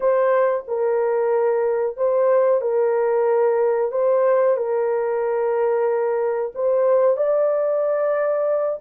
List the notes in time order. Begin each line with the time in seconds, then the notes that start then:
0.00 C5
0.67 A#4
1.96 C5
2.61 A#4
3.91 C5
4.57 A#4
6.55 C5
7.16 D5